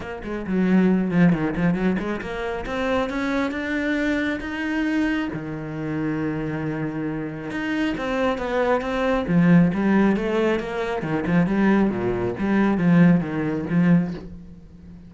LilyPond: \new Staff \with { instrumentName = "cello" } { \time 4/4 \tempo 4 = 136 ais8 gis8 fis4. f8 dis8 f8 | fis8 gis8 ais4 c'4 cis'4 | d'2 dis'2 | dis1~ |
dis4 dis'4 c'4 b4 | c'4 f4 g4 a4 | ais4 dis8 f8 g4 ais,4 | g4 f4 dis4 f4 | }